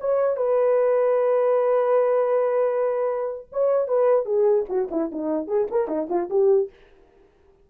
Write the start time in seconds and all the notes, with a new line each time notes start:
0.00 C#5
0.37 B4
3.52 C#5
3.87 B4
4.25 G#4
4.69 F#4
4.91 E4
5.12 D#4
5.47 G#4
5.71 A#4
5.88 D#4
6.09 F4
6.30 G4